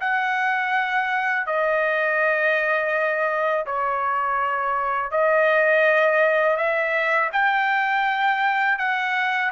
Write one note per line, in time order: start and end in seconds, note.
0.00 1.46 F#5
1.46 3.65 D#5
3.66 5.11 C#5
5.11 6.57 D#5
6.57 7.30 E5
7.32 8.78 G5
8.78 9.51 F#5